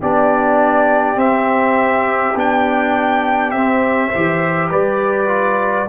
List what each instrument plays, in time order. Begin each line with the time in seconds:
0.00 tuba B3, trombone D4, horn G4, trumpet D5
1.16 trombone C4, tuba C4, trumpet E5
2.35 tuba B3, trombone D4, trumpet G5
3.51 tuba C4, trombone C4, trumpet E5
4.09 trombone G4, horn C5
4.15 tuba E3
4.70 tuba G3, horn B4, trumpet D5
5.27 trombone F4